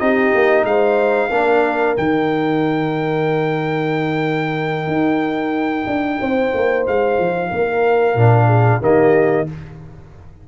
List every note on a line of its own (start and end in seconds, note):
0.00 0.34 C4
0.00 1.31 D#4
0.00 0.66 G4
0.00 0.65 D#5
0.35 0.64 A#3
0.64 1.29 G#3
0.64 1.30 C5
0.64 1.96 F5
1.30 1.97 A#3
1.30 1.97 D4
1.30 6.19 A#4
1.97 4.88 D#3
1.97 8.17 D#4
1.97 6.87 G5
4.88 5.85 D#4
5.87 6.20 D4
6.21 6.54 C4
6.21 7.51 C5
6.55 6.87 A#3
6.88 7.19 G#3
6.88 8.83 F5
7.19 7.52 F3
7.51 8.15 A#3
7.51 8.47 A#4
8.15 8.81 A#2
8.15 8.82 D4
8.47 8.79 G#4
8.82 9.47 D#3
8.82 9.47 A#3
8.82 9.48 G4
8.82 9.49 D#5